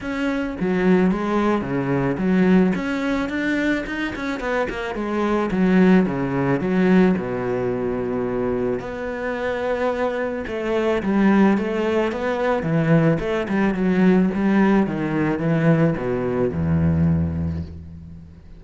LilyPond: \new Staff \with { instrumentName = "cello" } { \time 4/4 \tempo 4 = 109 cis'4 fis4 gis4 cis4 | fis4 cis'4 d'4 dis'8 cis'8 | b8 ais8 gis4 fis4 cis4 | fis4 b,2. |
b2. a4 | g4 a4 b4 e4 | a8 g8 fis4 g4 dis4 | e4 b,4 e,2 | }